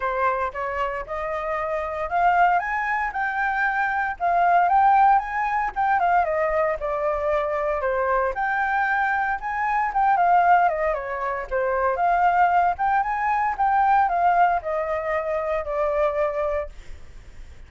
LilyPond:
\new Staff \with { instrumentName = "flute" } { \time 4/4 \tempo 4 = 115 c''4 cis''4 dis''2 | f''4 gis''4 g''2 | f''4 g''4 gis''4 g''8 f''8 | dis''4 d''2 c''4 |
g''2 gis''4 g''8 f''8~ | f''8 dis''8 cis''4 c''4 f''4~ | f''8 g''8 gis''4 g''4 f''4 | dis''2 d''2 | }